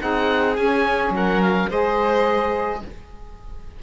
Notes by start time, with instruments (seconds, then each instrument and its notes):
0.00 cello C4, saxophone D#4, violin G#4, oboe F#5
0.56 cello C#4, saxophone C#4, oboe G#5
1.10 cello F#3, violin A#4
1.16 oboe F#5
1.42 oboe F5
1.69 cello G#3, saxophone G#4, violin C5, oboe D#5